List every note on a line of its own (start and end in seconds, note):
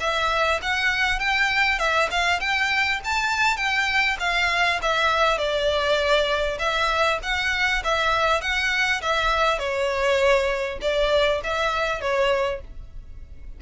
0.00 0.60 E5
0.62 1.19 F#5
1.19 1.79 G5
1.79 2.09 E5
2.11 2.40 F5
2.40 3.00 G5
3.05 3.57 A5
3.57 4.17 G5
4.20 4.80 F5
4.82 5.38 E5
5.38 6.58 D5
6.59 7.19 E5
7.23 7.83 F#5
7.84 8.41 E5
8.41 9.01 F#5
9.02 9.59 E5
9.59 10.79 C#5
10.81 11.41 D5
11.44 12.01 E5
12.01 12.61 C#5